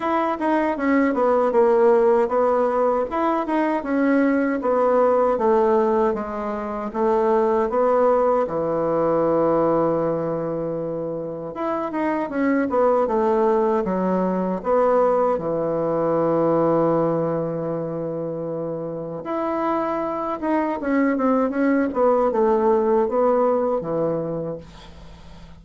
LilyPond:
\new Staff \with { instrumentName = "bassoon" } { \time 4/4 \tempo 4 = 78 e'8 dis'8 cis'8 b8 ais4 b4 | e'8 dis'8 cis'4 b4 a4 | gis4 a4 b4 e4~ | e2. e'8 dis'8 |
cis'8 b8 a4 fis4 b4 | e1~ | e4 e'4. dis'8 cis'8 c'8 | cis'8 b8 a4 b4 e4 | }